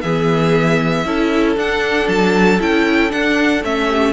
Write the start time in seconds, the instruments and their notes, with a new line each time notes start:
0.00 cello E3, viola B3, violin G#4 E5
1.05 cello C#4, viola E4, violin A4
1.56 cello D4, viola D4, violin F#5
2.07 cello F#3, violin A5
2.59 cello C#4, viola E4, violin G5
3.09 viola D4, cello D4, violin F#5
3.63 cello A3, viola C#4, violin E5
3.86 violin G4